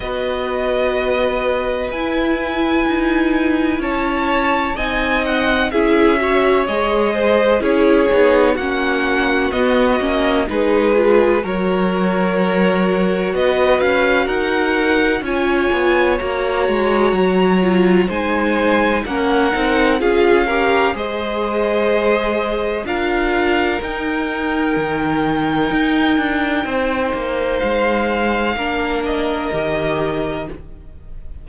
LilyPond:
<<
  \new Staff \with { instrumentName = "violin" } { \time 4/4 \tempo 4 = 63 dis''2 gis''2 | a''4 gis''8 fis''8 e''4 dis''4 | cis''4 fis''4 dis''4 b'4 | cis''2 dis''8 f''8 fis''4 |
gis''4 ais''2 gis''4 | fis''4 f''4 dis''2 | f''4 g''2.~ | g''4 f''4. dis''4. | }
  \new Staff \with { instrumentName = "violin" } { \time 4/4 b'1 | cis''4 dis''4 gis'8 cis''4 c''8 | gis'4 fis'2 gis'4 | ais'2 b'4 ais'4 |
cis''2. c''4 | ais'4 gis'8 ais'8 c''2 | ais'1 | c''2 ais'2 | }
  \new Staff \with { instrumentName = "viola" } { \time 4/4 fis'2 e'2~ | e'4 dis'4 e'8 fis'8 gis'4 | e'8 dis'8 cis'4 b8 cis'8 dis'8 f'8 | fis'1 |
f'4 fis'4. f'8 dis'4 | cis'8 dis'8 f'8 g'8 gis'2 | f'4 dis'2.~ | dis'2 d'4 g'4 | }
  \new Staff \with { instrumentName = "cello" } { \time 4/4 b2 e'4 dis'4 | cis'4 c'4 cis'4 gis4 | cis'8 b8 ais4 b8 ais8 gis4 | fis2 b8 cis'8 dis'4 |
cis'8 b8 ais8 gis8 fis4 gis4 | ais8 c'8 cis'4 gis2 | d'4 dis'4 dis4 dis'8 d'8 | c'8 ais8 gis4 ais4 dis4 | }
>>